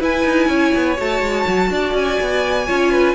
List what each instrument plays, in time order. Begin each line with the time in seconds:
0.00 viola E4, cello E4, violin B4 G#5
0.25 cello D#4
0.48 cello C#4, violin C#5
0.75 cello B3
0.98 cello A3, viola F#4, violin A5
1.21 cello G#3
1.47 cello F#3
1.70 cello D4, violin D5
1.94 cello C#4, violin G#5
2.21 cello B3
2.67 cello C#4, viola F4, violin C#5
2.91 violin B4